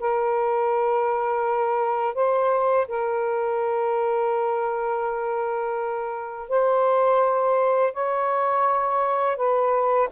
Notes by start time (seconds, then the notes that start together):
0.00 A#4
2.15 C5
2.88 A#4
6.49 C5
7.94 C#5
9.37 B4